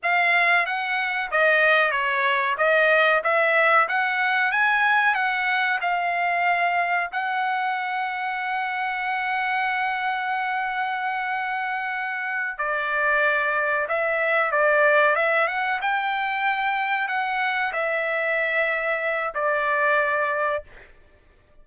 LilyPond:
\new Staff \with { instrumentName = "trumpet" } { \time 4/4 \tempo 4 = 93 f''4 fis''4 dis''4 cis''4 | dis''4 e''4 fis''4 gis''4 | fis''4 f''2 fis''4~ | fis''1~ |
fis''2.~ fis''8 d''8~ | d''4. e''4 d''4 e''8 | fis''8 g''2 fis''4 e''8~ | e''2 d''2 | }